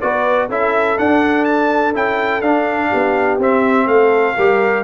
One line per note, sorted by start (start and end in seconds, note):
0.00 0.49 B3
0.00 0.49 F#4
0.00 0.48 B4
0.00 0.48 D5
0.48 0.97 C#4
0.48 0.97 E4
0.48 2.89 A4
0.48 0.98 E5
0.97 1.93 D4
0.97 1.95 D4
0.97 1.44 F#5
1.44 1.93 A5
1.93 2.41 C#4
1.93 2.42 E4
1.93 2.41 G5
2.41 2.89 D4
2.41 3.39 D4
2.41 3.38 F5
2.89 3.38 B3
2.89 3.86 G4
3.38 3.86 C4
3.38 4.37 C4
3.38 3.87 E5
3.86 4.35 A3
3.86 4.36 A4
3.86 4.83 F5
4.36 4.83 G3
4.36 4.83 G4
4.36 4.83 A#4